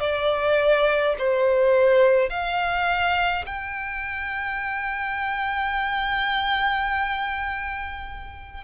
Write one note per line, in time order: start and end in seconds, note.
0.00 1.15 D5
1.18 2.29 C5
2.29 3.45 F5
3.46 8.63 G5